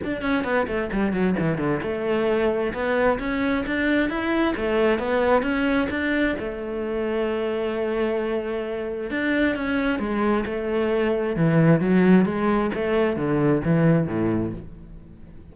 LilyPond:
\new Staff \with { instrumentName = "cello" } { \time 4/4 \tempo 4 = 132 d'8 cis'8 b8 a8 g8 fis8 e8 d8 | a2 b4 cis'4 | d'4 e'4 a4 b4 | cis'4 d'4 a2~ |
a1 | d'4 cis'4 gis4 a4~ | a4 e4 fis4 gis4 | a4 d4 e4 a,4 | }